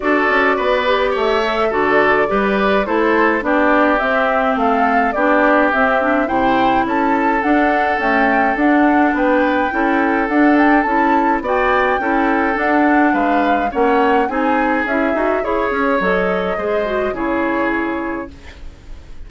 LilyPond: <<
  \new Staff \with { instrumentName = "flute" } { \time 4/4 \tempo 4 = 105 d''2 e''4 d''4~ | d''4 c''4 d''4 e''4 | f''4 d''4 e''4 g''4 | a''4 fis''4 g''4 fis''4 |
g''2 fis''8 g''8 a''4 | g''2 fis''4 f''4 | fis''4 gis''4 e''4 cis''4 | dis''2 cis''2 | }
  \new Staff \with { instrumentName = "oboe" } { \time 4/4 a'4 b'4 cis''4 a'4 | b'4 a'4 g'2 | a'4 g'2 c''4 | a'1 |
b'4 a'2. | d''4 a'2 b'4 | cis''4 gis'2 cis''4~ | cis''4 c''4 gis'2 | }
  \new Staff \with { instrumentName = "clarinet" } { \time 4/4 fis'4. g'4 a'8 fis'4 | g'4 e'4 d'4 c'4~ | c'4 d'4 c'8 d'8 e'4~ | e'4 d'4 a4 d'4~ |
d'4 e'4 d'4 e'4 | fis'4 e'4 d'2 | cis'4 dis'4 e'8 fis'8 gis'4 | a'4 gis'8 fis'8 e'2 | }
  \new Staff \with { instrumentName = "bassoon" } { \time 4/4 d'8 cis'8 b4 a4 d4 | g4 a4 b4 c'4 | a4 b4 c'4 c4 | cis'4 d'4 cis'4 d'4 |
b4 cis'4 d'4 cis'4 | b4 cis'4 d'4 gis4 | ais4 c'4 cis'8 dis'8 e'8 cis'8 | fis4 gis4 cis2 | }
>>